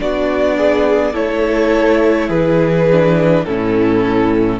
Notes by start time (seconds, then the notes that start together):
0.00 B3 D4 F#4 D5
0.58 G#4
1.14 A3 E4 A4 C#5
2.28 E3 G#4 B4
2.92 D4
3.45 A2 C#4 E4 A4